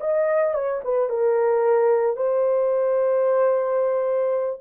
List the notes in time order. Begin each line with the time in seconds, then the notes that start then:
0.00 D#5
0.53 C#5
0.84 B4
1.09 A#4
2.16 C5